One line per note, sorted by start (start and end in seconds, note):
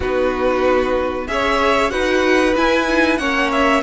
0.00 1.28 B3
0.00 1.27 D#4
0.00 1.28 F#4
0.00 1.27 B4
1.27 1.91 C#4
1.27 1.90 G#4
1.27 1.92 C#5
1.27 1.90 E5
1.90 2.55 D#4
1.90 2.54 F#4
1.90 3.19 B4
1.90 2.54 F#5
2.56 2.88 E4
2.56 3.18 E4
2.56 3.18 G#5
2.88 3.19 D#4
3.18 3.81 A#3
3.18 3.83 C#4
3.18 3.83 C#5
3.18 3.49 F#5
3.51 3.83 E5